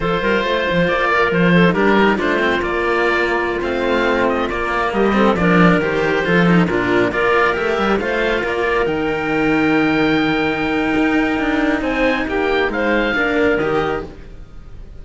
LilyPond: <<
  \new Staff \with { instrumentName = "oboe" } { \time 4/4 \tempo 4 = 137 c''2 d''4 c''4 | ais'4 c''4 d''2~ | d''16 f''4. dis''8 d''4 dis''8.~ | dis''16 d''4 c''2 ais'8.~ |
ais'16 d''4 e''4 f''4 d''8.~ | d''16 g''2.~ g''8.~ | g''2. gis''4 | g''4 f''2 dis''4 | }
  \new Staff \with { instrumentName = "clarinet" } { \time 4/4 a'8 ais'8 c''4. ais'4 a'8 | g'4 f'2.~ | f'2.~ f'16 g'8 a'16~ | a'16 ais'2 a'4 f'8.~ |
f'16 ais'2 c''4 ais'8.~ | ais'1~ | ais'2. c''4 | g'4 c''4 ais'2 | }
  \new Staff \with { instrumentName = "cello" } { \time 4/4 f'2.~ f'8. dis'16 | d'8 dis'8 d'8 c'8 ais2~ | ais16 c'2 ais4. c'16~ | c'16 d'4 g'4 f'8 dis'8 d'8.~ |
d'16 f'4 g'4 f'4.~ f'16~ | f'16 dis'2.~ dis'8.~ | dis'1~ | dis'2 d'4 g'4 | }
  \new Staff \with { instrumentName = "cello" } { \time 4/4 f8 g8 a8 f8 ais4 f4 | g4 a4 ais2~ | ais16 a2 ais4 g8.~ | g16 f4 dis4 f4 ais,8.~ |
ais,16 ais4 a8 g8 a4 ais8.~ | ais16 dis2.~ dis8.~ | dis4 dis'4 d'4 c'4 | ais4 gis4 ais4 dis4 | }
>>